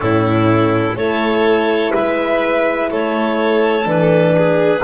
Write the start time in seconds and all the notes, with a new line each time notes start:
0.00 A2 C#4 E4 A4
0.95 A3 E4 A4 C#5
1.93 G#3 B4 E5
2.91 A3 A4 C#5
3.84 E3 D4 B4
4.37 G#4